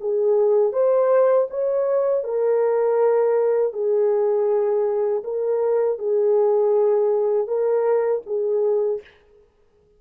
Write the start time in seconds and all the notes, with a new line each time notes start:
0.00 G#4
0.73 C5
1.50 C#5
2.24 A#4
3.73 G#4
5.24 A#4
5.99 G#4
7.47 A#4
8.26 G#4